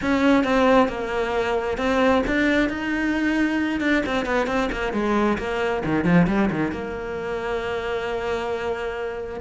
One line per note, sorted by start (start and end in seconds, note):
0.01 0.44 C#4
0.44 0.88 C4
0.88 1.77 A#3
1.77 2.22 C4
2.26 2.69 D4
2.69 3.80 D#4
3.80 4.02 D4
4.05 4.25 C4
4.25 4.46 B3
4.46 4.69 C4
4.71 4.93 A#3
4.93 5.37 G#3
5.38 5.82 A#3
5.85 6.04 D#3
6.04 6.26 F3
6.27 6.49 G3
6.50 6.71 D#3
6.71 9.40 A#3